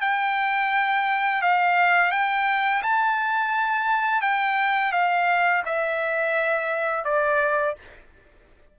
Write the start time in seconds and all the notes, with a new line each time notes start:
0.00 G5
1.41 F5
2.11 G5
2.82 A5
4.21 G5
4.92 F5
5.65 E5
7.04 D5